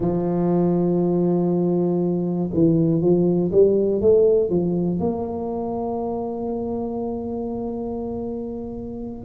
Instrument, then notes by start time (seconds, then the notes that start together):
tuba
0.00 F3
2.53 E3
3.00 F3
3.51 G3
4.00 A3
4.49 F3
5.00 A#3